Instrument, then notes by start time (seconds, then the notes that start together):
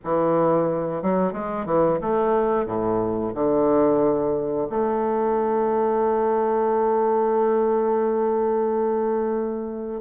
bassoon
0.04 E3
1.02 F#3
1.32 G#3
1.65 E3
2.01 A3
2.66 A2
3.34 D3
4.69 A3